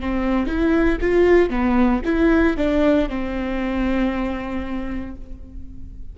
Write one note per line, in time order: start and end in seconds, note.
0.00 0.46 C4
0.46 0.98 E4
1.01 1.50 F4
1.50 2.01 B3
2.05 2.57 E4
2.57 3.08 D4
3.08 5.15 C4